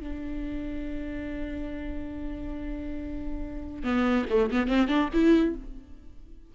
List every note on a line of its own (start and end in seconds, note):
0.00 3.84 D4
3.84 4.25 B3
4.30 4.51 A3
4.51 4.67 B3
4.67 4.88 C4
4.88 5.09 D4
5.13 5.55 E4